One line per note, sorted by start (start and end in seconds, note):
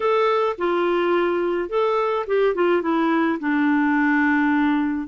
0.00 0.56 A4
0.58 1.69 F4
1.69 2.25 A4
2.26 2.54 G4
2.54 2.82 F4
2.82 3.38 E4
3.39 5.07 D4